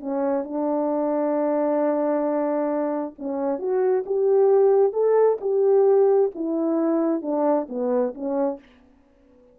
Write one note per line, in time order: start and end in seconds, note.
0.00 0.44 C#4
0.44 3.15 D4
3.18 3.59 C#4
3.59 4.04 F#4
4.06 4.93 G4
4.93 5.38 A4
5.41 6.31 G4
6.35 7.22 E4
7.22 7.67 D4
7.69 8.14 B3
8.14 8.59 C#4